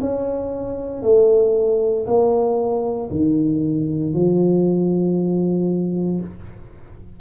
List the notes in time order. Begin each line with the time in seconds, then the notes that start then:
0.00 C#4
1.03 A3
2.06 A#3
3.10 D#3
4.14 F3